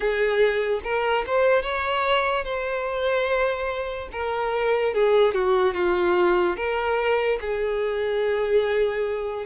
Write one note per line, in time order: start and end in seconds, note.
0.00 0.80 G#4
0.83 1.24 A#4
1.26 1.62 C5
1.62 2.44 C#5
2.44 4.09 C5
4.11 4.94 A#4
4.94 5.33 G#4
5.33 5.73 F#4
5.73 6.56 F4
6.56 7.38 A#4
7.40 9.45 G#4